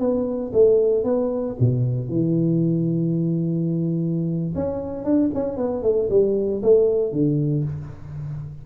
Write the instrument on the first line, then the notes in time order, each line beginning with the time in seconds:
tuba
0.00 B3
0.53 A3
1.04 B3
1.60 B2
2.09 E3
4.55 C#4
5.05 D4
5.35 C#4
5.57 B3
5.83 A3
6.10 G3
6.63 A3
7.13 D3